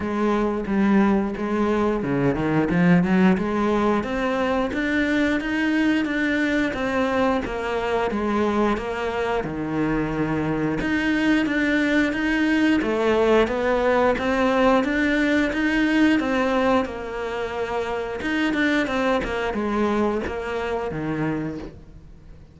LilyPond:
\new Staff \with { instrumentName = "cello" } { \time 4/4 \tempo 4 = 89 gis4 g4 gis4 cis8 dis8 | f8 fis8 gis4 c'4 d'4 | dis'4 d'4 c'4 ais4 | gis4 ais4 dis2 |
dis'4 d'4 dis'4 a4 | b4 c'4 d'4 dis'4 | c'4 ais2 dis'8 d'8 | c'8 ais8 gis4 ais4 dis4 | }